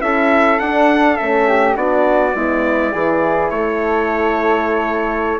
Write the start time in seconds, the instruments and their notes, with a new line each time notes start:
0.00 bassoon C#4, horn E4, flute A4, trumpet E5
0.59 horn D4, bassoon D4, trumpet F#5
1.16 bassoon A3, horn C#4, trumpet E5
1.48 flute G4
1.75 bassoon B3, horn D4, flute F#4, trumpet D5
2.34 bassoon G#3, horn B3, flute E4
2.92 bassoon E3, horn E4, flute G#4
3.50 bassoon A3, flute A4, trumpet C#5